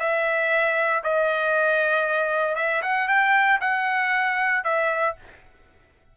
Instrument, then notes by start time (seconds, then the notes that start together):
trumpet
0.00 E5
1.04 D#5
2.56 E5
2.83 F#5
3.08 G5
3.61 F#5
4.64 E5